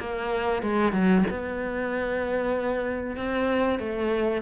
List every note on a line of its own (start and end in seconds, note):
0.00 0.63 A#3
0.63 0.93 G#3
0.93 1.24 F#3
1.31 3.17 B3
3.17 3.80 C4
3.80 4.42 A3